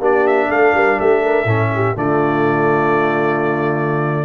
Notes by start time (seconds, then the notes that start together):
0.00 A#3 D4 G4 D5
0.28 E5
0.50 A3 A4 F5
0.75 G3 A#4
1.00 A3 G4 E5
1.23 A#4
1.45 A2 C#4 A4
1.75 G4
1.96 D3 A3 F4 D5